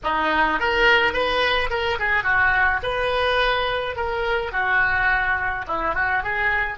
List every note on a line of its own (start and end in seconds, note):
0.03 0.59 D#4
0.59 1.13 A#4
1.13 1.69 B4
1.70 1.98 A#4
1.99 2.23 G#4
2.23 2.80 F#4
2.83 3.95 B4
3.95 4.52 A#4
4.52 5.65 F#4
5.67 5.94 E4
5.94 6.23 F#4
6.23 6.78 G#4